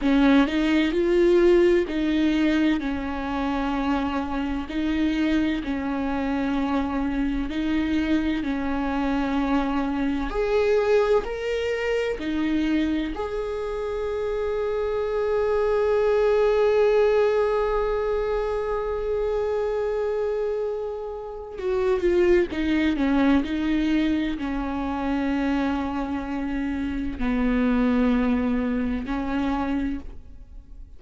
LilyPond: \new Staff \with { instrumentName = "viola" } { \time 4/4 \tempo 4 = 64 cis'8 dis'8 f'4 dis'4 cis'4~ | cis'4 dis'4 cis'2 | dis'4 cis'2 gis'4 | ais'4 dis'4 gis'2~ |
gis'1~ | gis'2. fis'8 f'8 | dis'8 cis'8 dis'4 cis'2~ | cis'4 b2 cis'4 | }